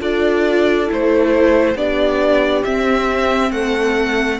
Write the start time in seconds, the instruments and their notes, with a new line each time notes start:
0.00 cello D4, viola F4, horn A4, violin D5
0.87 cello A3, viola E4, violin C5
1.75 cello B3, viola D4, horn G4, violin D5
2.64 viola C4, cello C4, violin E5
3.52 cello A3, horn A4, violin F#5